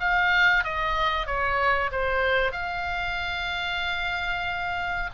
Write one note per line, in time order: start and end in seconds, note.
0.00 0.64 F5
0.64 1.26 D#5
1.26 1.91 C#5
1.91 2.52 C5
2.52 5.10 F5